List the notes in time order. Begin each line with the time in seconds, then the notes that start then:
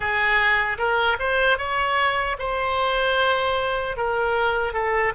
0.00 G#4
0.78 A#4
1.19 C5
1.58 C#5
2.39 C5
3.97 A#4
4.73 A4